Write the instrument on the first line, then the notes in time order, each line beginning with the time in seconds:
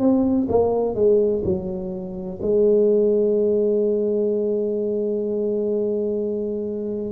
tuba
0.00 C4
0.49 A#3
0.95 G#3
1.44 F#3
2.42 G#3